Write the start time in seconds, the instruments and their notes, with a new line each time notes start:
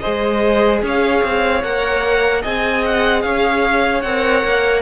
0.00 viola G#4, violin C5 D#5
0.06 cello G#3
0.83 cello C#4, violin C#5 F5
1.24 cello C4
1.63 cello A#3, viola A#4, violin F#5
2.42 cello C4, viola G#4, violin D#5 G#5
2.85 violin F#5
3.22 cello C#4, violin C#5 F5
4.02 cello C4, viola A#4, violin F#5
4.44 cello A#3